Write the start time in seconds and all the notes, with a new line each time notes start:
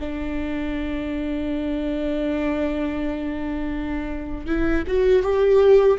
0.00 D4
4.47 E4
4.87 F#4
5.23 G4